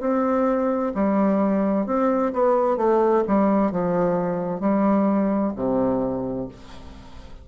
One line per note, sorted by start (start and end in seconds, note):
0.00 0.92 C4
0.94 1.86 G3
1.86 2.32 C4
2.33 2.77 B3
2.77 3.23 A3
3.27 3.71 G3
3.71 4.60 F3
4.60 5.52 G3
5.56 6.48 C3